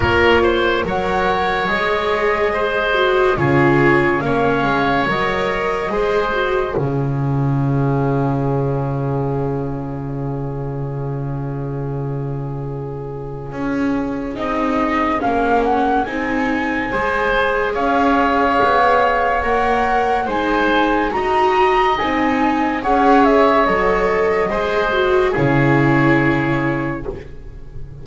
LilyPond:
<<
  \new Staff \with { instrumentName = "flute" } { \time 4/4 \tempo 4 = 71 cis''4 fis''4 dis''2 | cis''4 f''4 dis''2 | cis''1~ | cis''1~ |
cis''4 dis''4 f''8 fis''8 gis''4~ | gis''4 f''2 fis''4 | gis''4 ais''4 gis''4 fis''8 e''8 | dis''2 cis''2 | }
  \new Staff \with { instrumentName = "oboe" } { \time 4/4 ais'8 c''8 cis''2 c''4 | gis'4 cis''2 c''4 | gis'1~ | gis'1~ |
gis'1 | c''4 cis''2. | c''4 dis''2 cis''4~ | cis''4 c''4 gis'2 | }
  \new Staff \with { instrumentName = "viola" } { \time 4/4 f'4 ais'4 gis'4. fis'8 | f'4 cis'4 ais'4 gis'8 fis'8 | f'1~ | f'1~ |
f'4 dis'4 cis'4 dis'4 | gis'2. ais'4 | dis'4 fis'4 dis'4 gis'4 | a'4 gis'8 fis'8 e'2 | }
  \new Staff \with { instrumentName = "double bass" } { \time 4/4 ais4 fis4 gis2 | cis4 ais8 gis8 fis4 gis4 | cis1~ | cis1 |
cis'4 c'4 ais4 c'4 | gis4 cis'4 b4 ais4 | gis4 dis'4 c'4 cis'4 | fis4 gis4 cis2 | }
>>